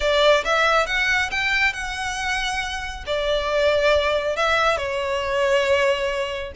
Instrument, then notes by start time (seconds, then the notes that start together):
violin
0.00 D5
0.44 E5
0.86 F#5
1.30 G5
1.73 F#5
3.06 D5
4.36 E5
4.77 C#5